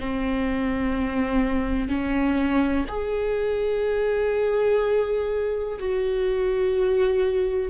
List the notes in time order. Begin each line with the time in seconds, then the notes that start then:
0.00 C4
1.89 C#4
2.89 G#4
5.79 F#4